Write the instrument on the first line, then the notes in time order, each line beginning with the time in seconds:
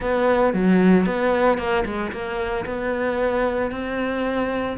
cello
0.00 B3
0.53 F#3
1.05 B3
1.58 A#3
1.85 G#3
2.12 A#3
2.65 B3
3.71 C4